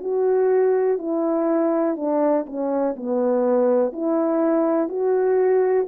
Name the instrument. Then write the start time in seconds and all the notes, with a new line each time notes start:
horn
0.00 F#4
0.98 E4
1.96 D4
2.46 C#4
2.96 B3
3.92 E4
4.88 F#4